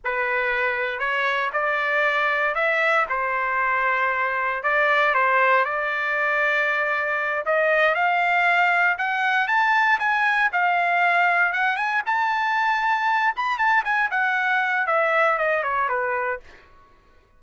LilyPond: \new Staff \with { instrumentName = "trumpet" } { \time 4/4 \tempo 4 = 117 b'2 cis''4 d''4~ | d''4 e''4 c''2~ | c''4 d''4 c''4 d''4~ | d''2~ d''8 dis''4 f''8~ |
f''4. fis''4 a''4 gis''8~ | gis''8 f''2 fis''8 gis''8 a''8~ | a''2 b''8 a''8 gis''8 fis''8~ | fis''4 e''4 dis''8 cis''8 b'4 | }